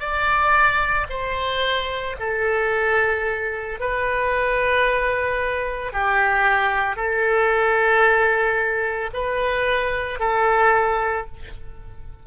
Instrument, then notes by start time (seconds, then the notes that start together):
oboe
0.00 D5
1.10 C5
2.20 A4
3.80 B4
5.93 G4
6.96 A4
9.14 B4
10.20 A4